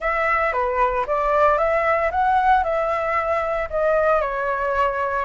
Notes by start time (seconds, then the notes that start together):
0.00 E5
0.52 B4
1.06 D5
1.58 E5
2.11 F#5
2.63 E5
3.70 D#5
4.21 C#5